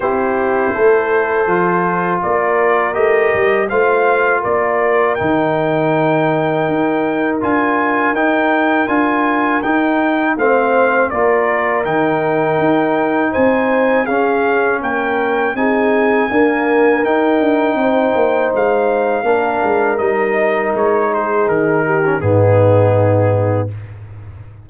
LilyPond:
<<
  \new Staff \with { instrumentName = "trumpet" } { \time 4/4 \tempo 4 = 81 c''2. d''4 | dis''4 f''4 d''4 g''4~ | g''2 gis''4 g''4 | gis''4 g''4 f''4 d''4 |
g''2 gis''4 f''4 | g''4 gis''2 g''4~ | g''4 f''2 dis''4 | cis''8 c''8 ais'4 gis'2 | }
  \new Staff \with { instrumentName = "horn" } { \time 4/4 g'4 a'2 ais'4~ | ais'4 c''4 ais'2~ | ais'1~ | ais'2 c''4 ais'4~ |
ais'2 c''4 gis'4 | ais'4 gis'4 ais'2 | c''2 ais'2~ | ais'8 gis'4 g'8 dis'2 | }
  \new Staff \with { instrumentName = "trombone" } { \time 4/4 e'2 f'2 | g'4 f'2 dis'4~ | dis'2 f'4 dis'4 | f'4 dis'4 c'4 f'4 |
dis'2. cis'4~ | cis'4 dis'4 ais4 dis'4~ | dis'2 d'4 dis'4~ | dis'4.~ dis'16 cis'16 b2 | }
  \new Staff \with { instrumentName = "tuba" } { \time 4/4 c'4 a4 f4 ais4 | a8 g8 a4 ais4 dis4~ | dis4 dis'4 d'4 dis'4 | d'4 dis'4 a4 ais4 |
dis4 dis'4 c'4 cis'4 | ais4 c'4 d'4 dis'8 d'8 | c'8 ais8 gis4 ais8 gis8 g4 | gis4 dis4 gis,2 | }
>>